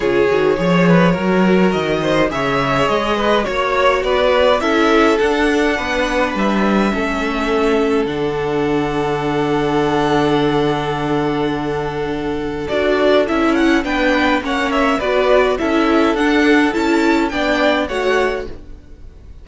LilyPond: <<
  \new Staff \with { instrumentName = "violin" } { \time 4/4 \tempo 4 = 104 cis''2. dis''4 | e''4 dis''4 cis''4 d''4 | e''4 fis''2 e''4~ | e''2 fis''2~ |
fis''1~ | fis''2 d''4 e''8 fis''8 | g''4 fis''8 e''8 d''4 e''4 | fis''4 a''4 g''4 fis''4 | }
  \new Staff \with { instrumentName = "violin" } { \time 4/4 gis'4 cis''8 b'8 ais'4. c''8 | cis''4. b'8 cis''4 b'4 | a'2 b'2 | a'1~ |
a'1~ | a'1 | b'4 cis''4 b'4 a'4~ | a'2 d''4 cis''4 | }
  \new Staff \with { instrumentName = "viola" } { \time 4/4 f'8 fis'8 gis'4 fis'2 | gis'2 fis'2 | e'4 d'2. | cis'2 d'2~ |
d'1~ | d'2 fis'4 e'4 | d'4 cis'4 fis'4 e'4 | d'4 e'4 d'4 fis'4 | }
  \new Staff \with { instrumentName = "cello" } { \time 4/4 cis8 dis8 f4 fis4 dis4 | cis4 gis4 ais4 b4 | cis'4 d'4 b4 g4 | a2 d2~ |
d1~ | d2 d'4 cis'4 | b4 ais4 b4 cis'4 | d'4 cis'4 b4 a4 | }
>>